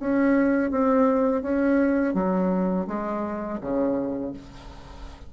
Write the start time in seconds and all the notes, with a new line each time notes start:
0.00 C#4
0.71 C4
1.43 C#4
2.15 F#3
2.88 G#3
3.61 C#3